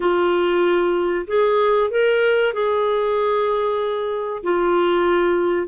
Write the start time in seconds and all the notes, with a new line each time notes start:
0.00 F4
1.27 G#4
1.90 A#4
2.53 G#4
4.43 F4